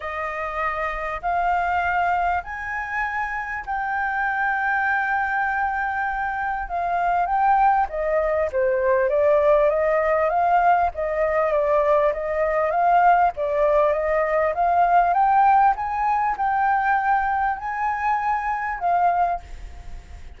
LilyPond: \new Staff \with { instrumentName = "flute" } { \time 4/4 \tempo 4 = 99 dis''2 f''2 | gis''2 g''2~ | g''2. f''4 | g''4 dis''4 c''4 d''4 |
dis''4 f''4 dis''4 d''4 | dis''4 f''4 d''4 dis''4 | f''4 g''4 gis''4 g''4~ | g''4 gis''2 f''4 | }